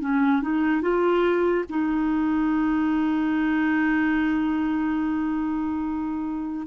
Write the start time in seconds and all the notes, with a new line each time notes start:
0.00 C#4
0.42 D#4
0.81 F4
1.69 D#4